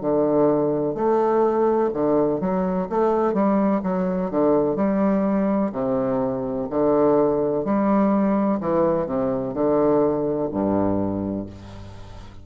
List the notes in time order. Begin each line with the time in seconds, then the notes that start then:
0.00 D3
0.94 A3
1.93 D3
2.40 F#3
2.89 A3
3.33 G3
3.83 F#3
4.30 D3
4.75 G3
5.72 C3
6.69 D3
7.64 G3
8.60 E3
9.06 C3
9.53 D3
10.51 G2